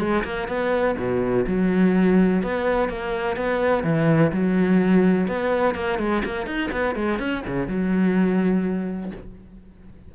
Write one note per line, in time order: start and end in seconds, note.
0.00 0.24 G#3
0.24 0.48 A#3
0.48 0.96 B3
0.99 1.47 B2
1.47 2.43 F#3
2.43 2.89 B3
2.89 3.37 A#3
3.37 3.84 B3
3.84 4.32 E3
4.33 5.28 F#3
5.28 5.75 B3
5.75 5.99 A#3
5.99 6.23 G#3
6.25 6.47 A#3
6.47 6.71 D#4
6.72 6.96 B3
6.96 7.20 G#3
7.20 7.44 C#4
7.47 7.68 C#3
7.68 9.12 F#3